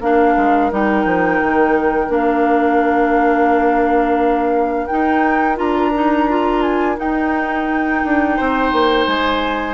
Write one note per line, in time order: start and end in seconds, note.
0.00 0.35 A#3
0.00 0.72 D4
0.00 8.36 A#4
0.00 0.72 F5
0.37 0.72 G#3
0.72 1.05 G3
0.72 2.09 D#4
0.72 2.12 G5
1.05 1.40 F3
1.42 2.09 D#3
2.09 4.88 A#3
2.09 4.88 D4
2.09 4.86 F5
4.86 5.56 D#4
4.86 5.59 D#4
4.86 5.56 G5
5.56 6.98 D4
5.56 5.91 F4
5.56 6.62 A#5
5.95 6.29 D#4
6.29 6.96 F4
6.62 6.97 G#5
6.96 9.74 D#4
6.96 8.03 D#4
6.96 9.07 G5
8.04 8.39 D4
8.36 8.73 C4
8.36 9.74 C5
8.73 9.07 A#3
9.07 9.74 G#3
9.07 9.74 G#5